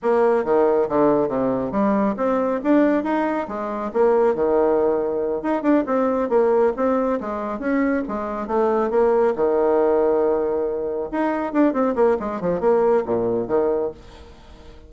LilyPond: \new Staff \with { instrumentName = "bassoon" } { \time 4/4 \tempo 4 = 138 ais4 dis4 d4 c4 | g4 c'4 d'4 dis'4 | gis4 ais4 dis2~ | dis8 dis'8 d'8 c'4 ais4 c'8~ |
c'8 gis4 cis'4 gis4 a8~ | a8 ais4 dis2~ dis8~ | dis4. dis'4 d'8 c'8 ais8 | gis8 f8 ais4 ais,4 dis4 | }